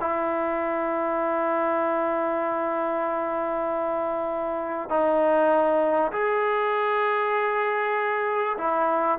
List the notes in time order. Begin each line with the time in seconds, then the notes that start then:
0.00 E4
4.89 D#4
6.12 G#4
8.58 E4